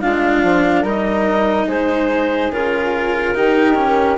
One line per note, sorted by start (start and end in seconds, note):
0.00 0.43 G#3
0.00 0.85 D4
0.00 0.82 F4
0.00 0.83 F5
0.43 0.83 F3
0.82 1.66 G3
0.82 2.51 D#4
0.82 1.65 A#4
0.82 1.68 D#5
1.67 2.50 G#3
1.67 3.34 G#4
1.67 2.52 C5
2.50 3.33 C#3
2.50 3.35 F4
2.50 4.17 A#4
3.35 4.17 D#3
3.35 3.74 D#4
3.35 4.17 G4
3.74 4.16 C#4